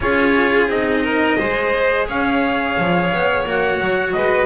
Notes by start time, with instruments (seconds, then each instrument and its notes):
0.00 double bass C#4, cello F4, violin G#4, trumpet C#5
0.67 double bass C4, cello D#4, trumpet D#5
1.03 violin A#4
1.38 double bass G#3, cello G#4, violin C5
2.07 double bass C#4, violin C#5, trumpet F5
2.77 double bass F3
3.11 double bass B3
3.45 double bass A#3, cello F#4, trumpet F#5
3.79 double bass F#3
4.12 double bass G#3, violin B4, trumpet D#5